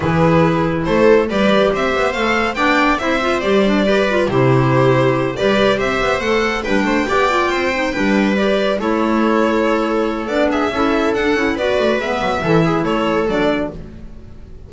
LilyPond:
<<
  \new Staff \with { instrumentName = "violin" } { \time 4/4 \tempo 4 = 140 b'2 c''4 d''4 | e''4 f''4 g''4 e''4 | d''2 c''2~ | c''8 d''4 e''4 fis''4 g''8~ |
g''2.~ g''8 d''8~ | d''8 cis''2.~ cis''8 | d''8 e''4. fis''4 d''4 | e''2 cis''4 d''4 | }
  \new Staff \with { instrumentName = "viola" } { \time 4/4 gis'2 a'4 b'4 | c''2 d''4 c''4~ | c''4 b'4 g'2~ | g'8 b'4 c''2 b'8 |
c''8 d''4 c''4 b'4.~ | b'8 a'2.~ a'8~ | a'8 gis'8 a'2 b'4~ | b'4 a'8 gis'8 a'2 | }
  \new Staff \with { instrumentName = "clarinet" } { \time 4/4 e'2. g'4~ | g'4 a'4 d'4 e'8 f'8 | g'8 d'8 g'8 f'8 e'2~ | e'8 g'2 a'4 d'8~ |
d'8 g'8 f'4 dis'8 d'4 g'8~ | g'8 e'2.~ e'8 | d'4 e'4 d'8 e'8 fis'4 | b4 e'2 d'4 | }
  \new Staff \with { instrumentName = "double bass" } { \time 4/4 e2 a4 g4 | c'8 b8 a4 b4 c'4 | g2 c2~ | c8 g4 c'8 b8 a4 g8 |
a8 b4 c'4 g4.~ | g8 a2.~ a8 | b4 cis'4 d'8 cis'8 b8 a8 | gis8 fis8 e4 a4 fis4 | }
>>